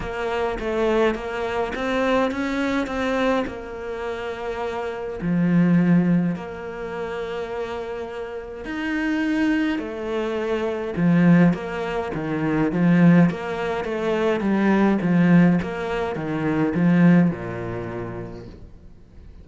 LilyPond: \new Staff \with { instrumentName = "cello" } { \time 4/4 \tempo 4 = 104 ais4 a4 ais4 c'4 | cis'4 c'4 ais2~ | ais4 f2 ais4~ | ais2. dis'4~ |
dis'4 a2 f4 | ais4 dis4 f4 ais4 | a4 g4 f4 ais4 | dis4 f4 ais,2 | }